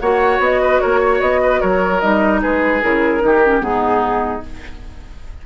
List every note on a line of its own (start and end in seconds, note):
0.00 0.39 A#3
0.00 2.02 F#4
0.00 0.62 C#5
0.00 0.40 F#5
0.39 0.79 B3
0.39 0.81 D#5
0.62 0.82 B4
0.81 1.21 A#3
0.81 1.00 A#4
0.81 1.21 C#5
1.00 1.40 C#5
1.21 1.61 B3
1.21 1.61 D#5
1.42 1.61 B4
1.61 2.03 F#3
1.61 2.41 A#4
1.61 2.00 C#5
2.00 2.43 G3
2.00 2.82 D#4
2.00 2.41 D#5
2.42 2.84 G#3
2.42 3.22 G#4
2.42 2.82 B4
2.82 3.23 C#3
2.82 3.20 E4
2.82 3.62 A#4
3.20 3.60 D#3
3.20 3.40 D#4
3.20 3.66 G4
3.45 3.60 C#4
3.60 4.41 G#2
3.60 4.41 B3
3.60 4.46 D#4
3.60 4.43 G#4